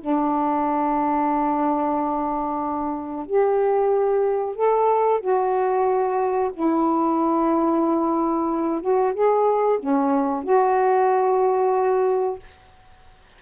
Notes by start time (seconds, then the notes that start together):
0.00 D4
3.26 G4
4.55 A4
5.20 F#4
6.54 E4
8.81 F#4
9.13 G#4
9.79 C#4
10.43 F#4